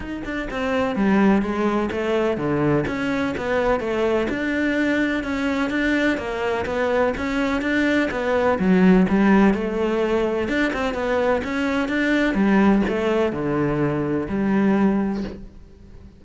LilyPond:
\new Staff \with { instrumentName = "cello" } { \time 4/4 \tempo 4 = 126 dis'8 d'8 c'4 g4 gis4 | a4 d4 cis'4 b4 | a4 d'2 cis'4 | d'4 ais4 b4 cis'4 |
d'4 b4 fis4 g4 | a2 d'8 c'8 b4 | cis'4 d'4 g4 a4 | d2 g2 | }